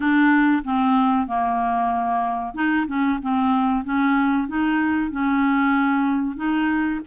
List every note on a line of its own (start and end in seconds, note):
0.00 0.62 D4
0.64 1.27 C4
1.27 2.54 A#3
2.54 2.86 D#4
2.87 3.19 C#4
3.22 3.84 C4
3.84 4.47 C#4
4.47 5.11 D#4
5.11 6.36 C#4
6.36 7.00 D#4